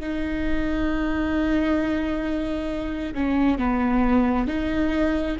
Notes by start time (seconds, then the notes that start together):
0.00 D#4
3.14 C#4
3.58 B3
4.47 D#4